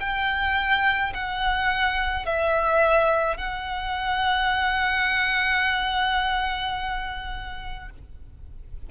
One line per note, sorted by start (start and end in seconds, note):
0.00 1.13 G5
1.14 2.25 F#5
2.25 3.37 E5
3.37 7.90 F#5